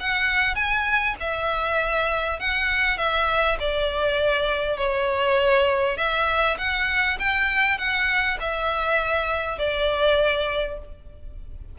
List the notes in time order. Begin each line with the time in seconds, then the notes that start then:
0.00 F#5
0.55 G#5
1.20 E5
2.39 F#5
2.97 E5
3.59 D5
4.77 C#5
5.97 E5
6.58 F#5
7.19 G5
7.78 F#5
8.40 E5
9.58 D5